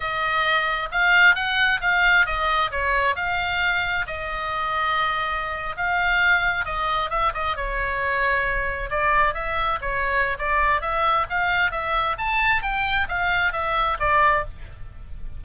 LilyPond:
\new Staff \with { instrumentName = "oboe" } { \time 4/4 \tempo 4 = 133 dis''2 f''4 fis''4 | f''4 dis''4 cis''4 f''4~ | f''4 dis''2.~ | dis''8. f''2 dis''4 e''16~ |
e''16 dis''8 cis''2. d''16~ | d''8. e''4 cis''4~ cis''16 d''4 | e''4 f''4 e''4 a''4 | g''4 f''4 e''4 d''4 | }